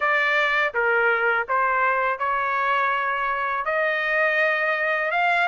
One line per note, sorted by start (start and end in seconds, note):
0.00 0.73 D5
0.74 1.47 A#4
1.48 2.19 C5
2.19 3.65 C#5
3.65 5.11 D#5
5.11 5.47 F5